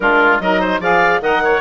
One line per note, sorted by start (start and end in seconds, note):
0.00 0.40 G#3
0.00 0.41 D4
0.00 0.42 F4
0.00 0.39 A#4
0.39 0.79 F#3
0.39 0.82 D#4
0.39 0.60 A#4
0.39 0.80 D#5
0.60 0.80 C5
0.79 1.20 F3
0.79 1.21 G#4
0.79 1.21 D5
0.79 1.22 F5
1.21 1.61 D#3
1.21 1.61 A#4
1.21 1.43 D#5
1.21 1.61 F#5
1.43 1.61 C#5